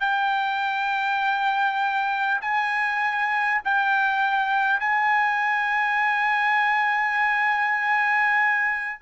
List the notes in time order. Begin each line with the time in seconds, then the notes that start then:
0.00 G5
2.41 G#5
3.64 G5
4.79 G#5